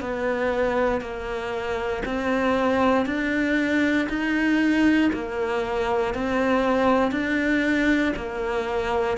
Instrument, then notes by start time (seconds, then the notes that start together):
cello
0.00 B3
1.00 A#3
2.05 C4
3.06 D4
4.09 D#4
5.13 A#3
6.14 C4
7.11 D4
8.16 A#3